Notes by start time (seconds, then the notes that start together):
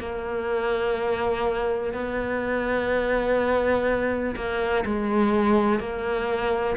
0.00 A#3
1.94 B3
4.36 A#3
4.86 G#3
5.80 A#3